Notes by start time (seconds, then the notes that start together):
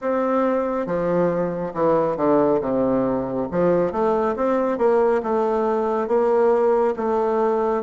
0.01 C4
0.86 F3
1.74 E3
2.17 D3
2.60 C3
3.51 F3
3.91 A3
4.36 C4
4.77 A#3
5.22 A3
6.07 A#3
6.96 A3